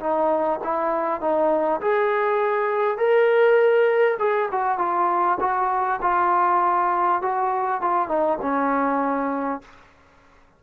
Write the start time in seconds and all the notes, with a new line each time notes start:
0.00 D#4
0.64 E4
1.21 D#4
1.81 G#4
2.98 A#4
4.19 G#4
4.52 F#4
4.79 F4
5.41 F#4
6.02 F4
7.22 F#4
7.82 F4
8.08 D#4
8.42 C#4